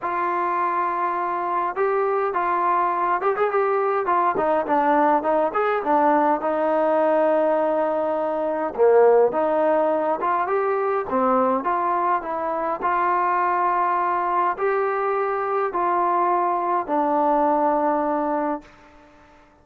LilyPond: \new Staff \with { instrumentName = "trombone" } { \time 4/4 \tempo 4 = 103 f'2. g'4 | f'4. g'16 gis'16 g'4 f'8 dis'8 | d'4 dis'8 gis'8 d'4 dis'4~ | dis'2. ais4 |
dis'4. f'8 g'4 c'4 | f'4 e'4 f'2~ | f'4 g'2 f'4~ | f'4 d'2. | }